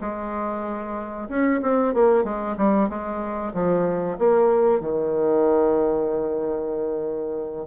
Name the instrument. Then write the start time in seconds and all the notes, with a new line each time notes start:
bassoon
0.00 G#3
1.29 C#4
1.61 C4
1.93 A#3
2.24 G#3
2.57 G3
2.89 G#3
3.53 F3
4.18 A#3
4.80 D#3